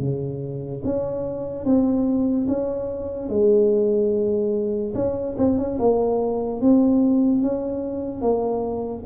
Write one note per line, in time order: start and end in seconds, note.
0.00 0.82 C#3
0.84 1.66 C#4
1.66 2.48 C4
2.48 3.30 C#4
3.30 4.94 G#3
4.95 5.36 C#4
5.38 5.59 C4
5.59 5.79 C#4
5.79 6.62 A#3
6.62 7.43 C4
7.43 8.22 C#4
8.22 9.04 A#3